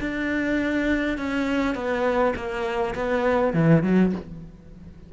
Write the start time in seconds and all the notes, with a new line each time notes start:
0.00 D4
1.18 C#4
1.75 B3
2.36 A#3
2.95 B3
3.53 E3
3.83 F#3